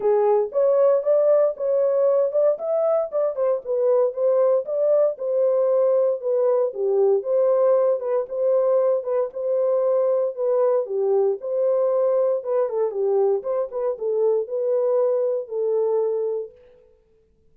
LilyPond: \new Staff \with { instrumentName = "horn" } { \time 4/4 \tempo 4 = 116 gis'4 cis''4 d''4 cis''4~ | cis''8 d''8 e''4 d''8 c''8 b'4 | c''4 d''4 c''2 | b'4 g'4 c''4. b'8 |
c''4. b'8 c''2 | b'4 g'4 c''2 | b'8 a'8 g'4 c''8 b'8 a'4 | b'2 a'2 | }